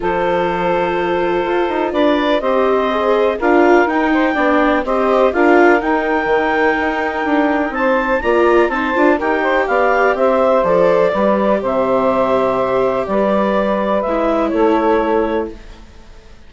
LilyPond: <<
  \new Staff \with { instrumentName = "clarinet" } { \time 4/4 \tempo 4 = 124 c''1 | d''4 dis''2 f''4 | g''2 dis''4 f''4 | g''1 |
a''4 ais''4 a''4 g''4 | f''4 e''4 d''2 | e''2. d''4~ | d''4 e''4 cis''2 | }
  \new Staff \with { instrumentName = "saxophone" } { \time 4/4 a'1 | b'4 c''2 ais'4~ | ais'8 c''8 d''4 c''4 ais'4~ | ais'1 |
c''4 d''4 c''4 ais'8 c''8 | d''4 c''2 b'4 | c''2. b'4~ | b'2 a'2 | }
  \new Staff \with { instrumentName = "viola" } { \time 4/4 f'1~ | f'4 g'4 gis'4 f'4 | dis'4 d'4 g'4 f'4 | dis'1~ |
dis'4 f'4 dis'8 f'8 g'4~ | g'2 a'4 g'4~ | g'1~ | g'4 e'2. | }
  \new Staff \with { instrumentName = "bassoon" } { \time 4/4 f2. f'8 dis'8 | d'4 c'2 d'4 | dis'4 b4 c'4 d'4 | dis'4 dis4 dis'4 d'4 |
c'4 ais4 c'8 d'8 dis'4 | b4 c'4 f4 g4 | c2. g4~ | g4 gis4 a2 | }
>>